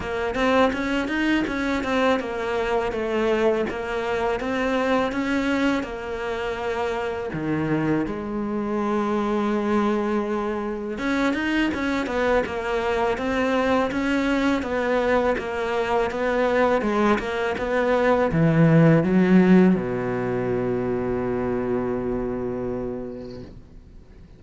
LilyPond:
\new Staff \with { instrumentName = "cello" } { \time 4/4 \tempo 4 = 82 ais8 c'8 cis'8 dis'8 cis'8 c'8 ais4 | a4 ais4 c'4 cis'4 | ais2 dis4 gis4~ | gis2. cis'8 dis'8 |
cis'8 b8 ais4 c'4 cis'4 | b4 ais4 b4 gis8 ais8 | b4 e4 fis4 b,4~ | b,1 | }